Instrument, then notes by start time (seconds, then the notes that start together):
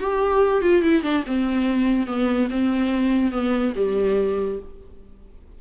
viola
0.00 G4
0.62 F4
0.82 E4
1.03 D4
1.27 C4
2.07 B3
2.50 C4
3.32 B3
3.76 G3